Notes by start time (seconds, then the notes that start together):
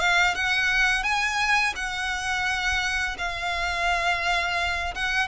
0.00 F5
0.35 F#5
1.03 G#5
1.76 F#5
3.18 F5
4.95 F#5